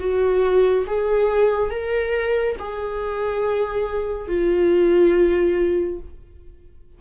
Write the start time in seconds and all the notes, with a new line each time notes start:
0.00 F#4
0.87 G#4
1.71 A#4
2.59 G#4
4.28 F4